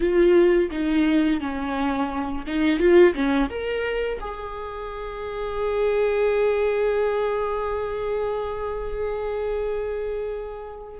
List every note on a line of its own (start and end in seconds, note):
0.00 0.70 F4
0.70 1.40 D#4
1.40 2.45 C#4
2.46 2.79 D#4
2.79 3.14 F4
3.14 3.49 C#4
3.49 4.19 A#4
4.20 10.99 G#4